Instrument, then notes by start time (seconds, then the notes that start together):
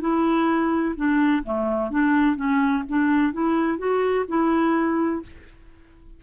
clarinet
0.00 E4
0.96 D4
1.43 A3
1.90 D4
2.36 C#4
2.88 D4
3.32 E4
3.78 F#4
4.28 E4